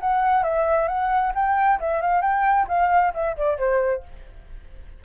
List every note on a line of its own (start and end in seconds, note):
0.00 0.43 F#5
0.43 0.88 E5
0.88 1.33 F#5
1.34 1.79 G5
1.80 2.01 E5
2.01 2.21 F5
2.21 2.67 G5
2.68 3.13 F5
3.14 3.36 E5
3.37 3.58 D5
3.58 4.03 C5